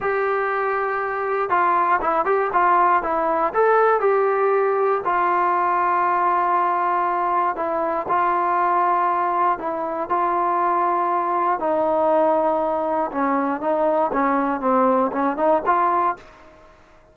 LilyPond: \new Staff \with { instrumentName = "trombone" } { \time 4/4 \tempo 4 = 119 g'2. f'4 | e'8 g'8 f'4 e'4 a'4 | g'2 f'2~ | f'2. e'4 |
f'2. e'4 | f'2. dis'4~ | dis'2 cis'4 dis'4 | cis'4 c'4 cis'8 dis'8 f'4 | }